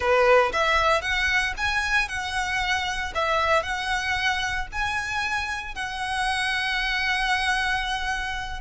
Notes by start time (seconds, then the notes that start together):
0.00 B4
0.52 E5
1.01 F#5
1.57 G#5
2.08 F#5
3.14 E5
3.63 F#5
4.71 G#5
5.74 F#5